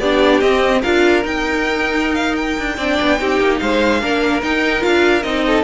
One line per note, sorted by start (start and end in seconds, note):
0.00 0.41 B3
0.00 0.43 D4
0.00 0.81 G4
0.00 0.41 D5
0.41 0.82 C4
0.41 0.84 C4
0.41 0.82 D#5
0.81 1.24 D4
0.81 1.23 F4
0.81 2.76 A#4
0.81 1.24 F5
1.23 2.77 D#4
1.23 2.58 D#4
1.23 2.15 G5
2.15 2.35 F5
2.36 3.59 G5
2.58 2.78 D4
2.77 2.98 C4
2.77 3.19 D4
2.77 3.18 D5
3.01 3.21 B3
3.19 3.40 C4
3.19 4.01 D#4
3.19 3.62 G4
3.40 3.61 A#3
3.59 4.03 G#3
3.59 4.01 C5
3.59 4.41 F5
4.01 4.42 A#3
4.01 4.42 D4
4.01 5.45 A#4
4.42 4.84 D#4
4.42 4.80 D#4
4.42 4.83 G5
4.80 5.21 F4
4.80 5.23 F5
4.86 5.24 D4
5.23 5.64 C4
5.23 5.64 D#4
5.23 5.64 D#5
5.47 5.64 A4